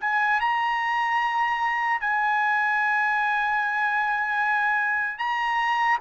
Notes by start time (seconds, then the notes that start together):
0.00 G#5
0.40 A#5
2.00 G#5
5.18 A#5